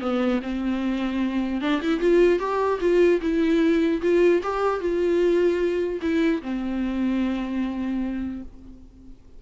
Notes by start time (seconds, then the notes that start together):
0.00 B3
0.42 C4
1.61 D4
1.81 E4
1.99 F4
2.39 G4
2.80 F4
3.21 E4
4.01 F4
4.42 G4
4.80 F4
6.01 E4
6.42 C4